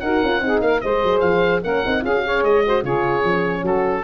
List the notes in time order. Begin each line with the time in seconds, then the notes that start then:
0.00 D#4 F#4 A#4 F#5
0.23 C#4 F4
0.41 C4 D#4 G#4
0.61 A#3 A#4 F5
0.81 G#3 G#4 C5 D#5
1.04 F#3
1.20 F3 F5
1.62 A#3 C#4 A#4 F#5
1.84 C4 D#4
2.01 C#4 F4 G#4 F5
2.15 F#4
2.23 G#4 C#5
2.44 G#3 D#5
2.66 F#4 C5
2.83 C#3 F4 G#4 C#5
3.23 F3 C#4
3.61 F#3 F#4 A4